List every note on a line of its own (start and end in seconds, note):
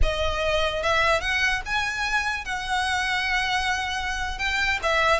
0.02 0.82 D#5
0.82 1.20 E5
1.20 1.61 F#5
1.65 2.44 G#5
2.44 4.38 F#5
4.38 4.79 G5
4.82 5.20 E5